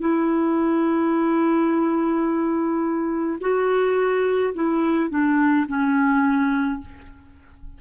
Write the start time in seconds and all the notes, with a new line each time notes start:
0.00 E4
3.41 F#4
4.54 E4
5.10 D4
5.68 C#4